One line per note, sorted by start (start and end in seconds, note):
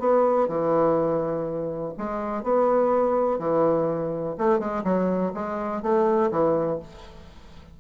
0.00 0.48 B3
0.48 1.93 E3
1.98 2.43 G#3
2.43 3.39 B3
3.39 4.36 E3
4.38 4.59 A3
4.59 4.84 G#3
4.84 5.33 F#3
5.34 5.82 G#3
5.83 6.31 A3
6.31 6.80 E3